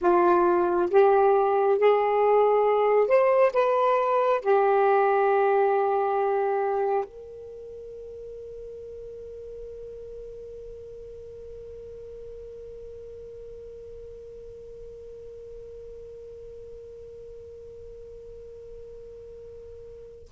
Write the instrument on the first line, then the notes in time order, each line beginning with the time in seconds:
saxophone
0.01 F4
0.90 G4
1.78 G#4
3.07 C5
3.53 B4
4.41 G4
7.04 A#4